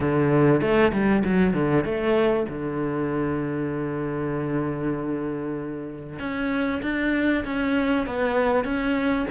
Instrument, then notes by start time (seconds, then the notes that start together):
cello
0.00 D3
0.61 A3
0.92 G3
1.24 F#3
1.53 D3
1.84 A3
2.49 D3
6.19 C#4
6.82 D4
7.44 C#4
8.06 B3
8.64 C#4